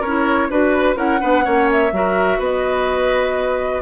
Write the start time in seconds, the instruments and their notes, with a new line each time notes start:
0.00 bassoon C#4, oboe A#4, flute C#5
0.07 clarinet E4
0.50 bassoon D4, clarinet F#4, flute B4, oboe B4
0.96 bassoon C#4, clarinet E4, oboe A#4, flute F#5
1.20 bassoon B3, clarinet D4, oboe B4
1.43 bassoon A#3, clarinet C#4, oboe C#5
1.71 flute E5
1.92 bassoon F#3, clarinet F#4, oboe A#4
2.39 bassoon B3, oboe B4, flute D#5